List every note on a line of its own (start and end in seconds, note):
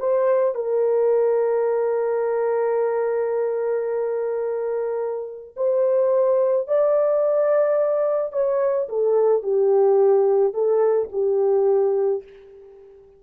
0.00 0.55 C5
0.55 5.55 A#4
5.57 6.68 C5
6.68 8.33 D5
8.33 8.88 C#5
8.89 9.43 A4
9.43 10.54 G4
10.54 11.09 A4
11.12 12.23 G4